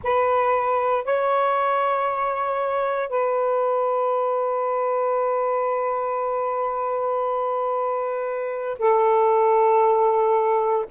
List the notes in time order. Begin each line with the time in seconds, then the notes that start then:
0.03 B4
1.04 C#5
3.08 B4
8.78 A4